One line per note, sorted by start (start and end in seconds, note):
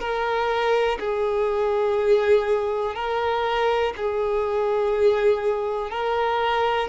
0.00 0.98 A#4
1.00 2.95 G#4
2.95 3.93 A#4
3.97 5.91 G#4
5.91 6.89 A#4